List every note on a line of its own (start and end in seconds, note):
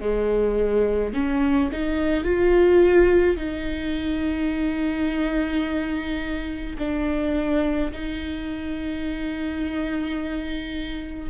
0.00 1.13 G#3
1.14 1.70 C#4
1.72 2.24 D#4
2.24 3.37 F4
3.37 6.76 D#4
6.78 7.91 D4
7.92 11.30 D#4